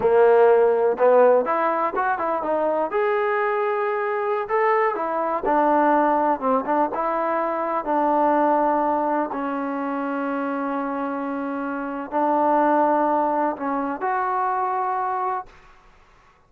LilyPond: \new Staff \with { instrumentName = "trombone" } { \time 4/4 \tempo 4 = 124 ais2 b4 e'4 | fis'8 e'8 dis'4 gis'2~ | gis'4~ gis'16 a'4 e'4 d'8.~ | d'4~ d'16 c'8 d'8 e'4.~ e'16~ |
e'16 d'2. cis'8.~ | cis'1~ | cis'4 d'2. | cis'4 fis'2. | }